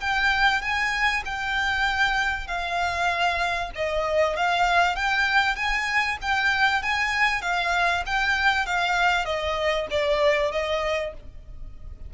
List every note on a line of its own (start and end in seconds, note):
0.00 0.61 G5
0.61 1.23 G#5
1.25 2.47 G5
2.47 3.71 F5
3.75 4.36 D#5
4.36 4.95 F5
4.95 5.55 G5
5.55 6.17 G#5
6.21 6.82 G5
6.82 7.41 G#5
7.41 8.03 F5
8.06 8.66 G5
8.66 9.25 F5
9.25 9.87 D#5
9.90 10.51 D5
10.51 11.13 D#5